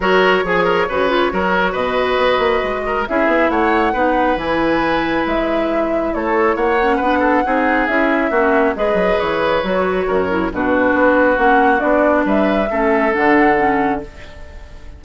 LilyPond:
<<
  \new Staff \with { instrumentName = "flute" } { \time 4/4 \tempo 4 = 137 cis''1 | dis''2. e''4 | fis''2 gis''2 | e''2 cis''4 fis''4~ |
fis''2 e''2 | dis''4 cis''2. | b'2 fis''4 d''4 | e''2 fis''2 | }
  \new Staff \with { instrumentName = "oboe" } { \time 4/4 ais'4 gis'8 ais'8 b'4 ais'4 | b'2~ b'8 ais'8 gis'4 | cis''4 b'2.~ | b'2 a'4 cis''4 |
b'8 a'8 gis'2 fis'4 | b'2. ais'4 | fis'1 | b'4 a'2. | }
  \new Staff \with { instrumentName = "clarinet" } { \time 4/4 fis'4 gis'4 fis'8 f'8 fis'4~ | fis'2. e'4~ | e'4 dis'4 e'2~ | e'2.~ e'8 cis'8 |
d'4 dis'4 e'4 cis'4 | gis'2 fis'4. e'8 | d'2 cis'4 d'4~ | d'4 cis'4 d'4 cis'4 | }
  \new Staff \with { instrumentName = "bassoon" } { \time 4/4 fis4 f4 cis4 fis4 | b,4 b8 ais8 gis4 cis'8 b8 | a4 b4 e2 | gis2 a4 ais4 |
b4 c'4 cis'4 ais4 | gis8 fis8 e4 fis4 fis,4 | b,4 b4 ais4 b4 | g4 a4 d2 | }
>>